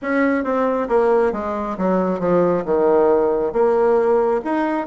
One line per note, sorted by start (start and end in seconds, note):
0.02 0.44 C#4
0.44 0.88 C4
0.88 1.32 A#3
1.32 1.76 G#3
1.77 2.19 F#3
2.19 2.63 F3
2.65 3.52 D#3
3.52 4.40 A#3
4.44 4.86 D#4